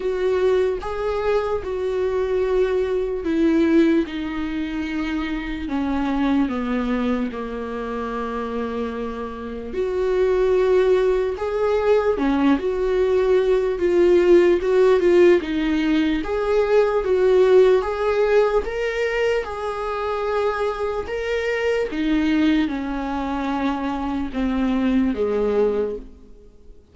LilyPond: \new Staff \with { instrumentName = "viola" } { \time 4/4 \tempo 4 = 74 fis'4 gis'4 fis'2 | e'4 dis'2 cis'4 | b4 ais2. | fis'2 gis'4 cis'8 fis'8~ |
fis'4 f'4 fis'8 f'8 dis'4 | gis'4 fis'4 gis'4 ais'4 | gis'2 ais'4 dis'4 | cis'2 c'4 gis4 | }